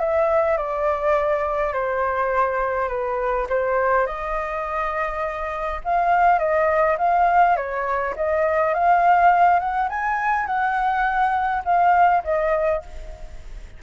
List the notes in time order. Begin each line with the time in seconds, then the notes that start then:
0.00 E5
0.58 D5
1.74 C5
2.89 B4
3.50 C5
4.07 D#5
5.85 F5
6.39 D#5
6.99 F5
7.57 C#5
8.17 D#5
8.75 F5
9.60 F#5
9.90 G#5
10.47 F#5
11.66 F5
12.25 D#5